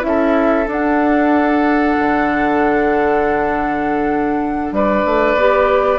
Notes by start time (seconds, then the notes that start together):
0.00 C#4 E4 E5
0.07 A4
0.67 D4 F#5
1.99 D3
4.71 G3 B4 D5
5.05 A3
5.34 B3 G4